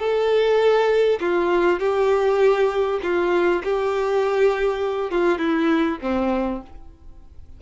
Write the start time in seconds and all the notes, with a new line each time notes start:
0.00 A4
1.21 F4
1.79 G4
3.03 F4
3.64 G4
5.11 F4
5.39 E4
6.02 C4